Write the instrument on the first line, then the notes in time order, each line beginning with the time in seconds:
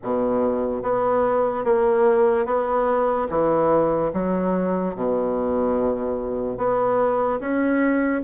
bassoon
0.02 B2
0.82 B3
1.64 A#3
2.45 B3
3.29 E3
4.13 F#3
4.95 B2
6.57 B3
7.40 C#4